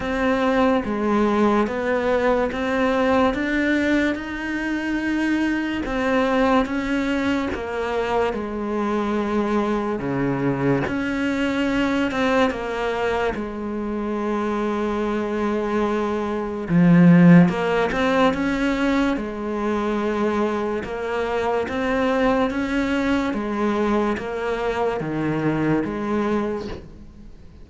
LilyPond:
\new Staff \with { instrumentName = "cello" } { \time 4/4 \tempo 4 = 72 c'4 gis4 b4 c'4 | d'4 dis'2 c'4 | cis'4 ais4 gis2 | cis4 cis'4. c'8 ais4 |
gis1 | f4 ais8 c'8 cis'4 gis4~ | gis4 ais4 c'4 cis'4 | gis4 ais4 dis4 gis4 | }